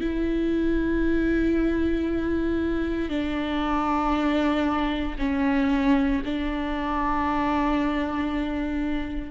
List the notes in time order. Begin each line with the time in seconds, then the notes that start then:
0.00 E4
3.09 D4
5.18 C#4
6.24 D4